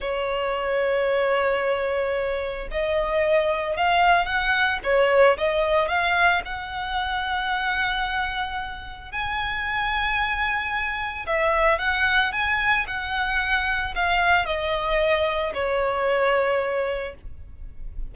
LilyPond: \new Staff \with { instrumentName = "violin" } { \time 4/4 \tempo 4 = 112 cis''1~ | cis''4 dis''2 f''4 | fis''4 cis''4 dis''4 f''4 | fis''1~ |
fis''4 gis''2.~ | gis''4 e''4 fis''4 gis''4 | fis''2 f''4 dis''4~ | dis''4 cis''2. | }